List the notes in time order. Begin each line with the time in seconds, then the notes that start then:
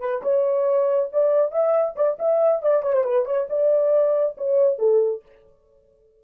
0.00 B4
0.22 C#5
1.12 D5
1.51 E5
1.96 D5
2.19 E5
2.62 D5
2.83 C#5
2.93 C5
3.04 B4
3.25 C#5
3.49 D5
4.37 C#5
4.79 A4